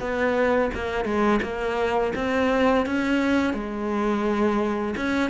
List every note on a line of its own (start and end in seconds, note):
0.00 0.71 B3
0.75 1.05 A#3
1.05 1.40 G#3
1.43 2.13 A#3
2.16 2.86 C4
2.86 3.54 C#4
3.54 4.95 G#3
4.96 5.30 C#4